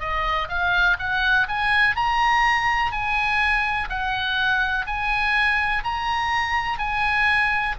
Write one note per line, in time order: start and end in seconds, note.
0.00 0.48 D#5
0.49 0.97 F5
0.99 1.47 F#5
1.48 1.96 G#5
1.96 2.92 A#5
2.92 3.89 G#5
3.89 4.86 F#5
4.87 5.84 G#5
5.84 6.79 A#5
6.79 7.76 G#5